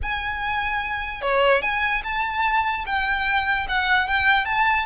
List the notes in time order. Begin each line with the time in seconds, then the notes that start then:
0.02 G#5
1.21 C#5
1.61 G#5
2.03 A5
2.85 G5
3.68 F#5
4.07 G5
4.45 A5